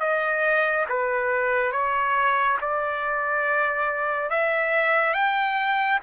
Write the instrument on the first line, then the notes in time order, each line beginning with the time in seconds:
trumpet
0.00 D#5
0.89 B4
1.72 C#5
2.61 D5
4.30 E5
5.14 G5